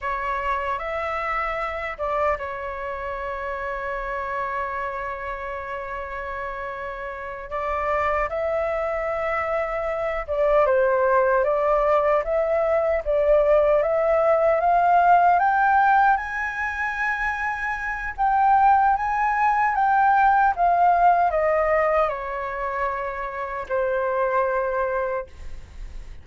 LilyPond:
\new Staff \with { instrumentName = "flute" } { \time 4/4 \tempo 4 = 76 cis''4 e''4. d''8 cis''4~ | cis''1~ | cis''4. d''4 e''4.~ | e''4 d''8 c''4 d''4 e''8~ |
e''8 d''4 e''4 f''4 g''8~ | g''8 gis''2~ gis''8 g''4 | gis''4 g''4 f''4 dis''4 | cis''2 c''2 | }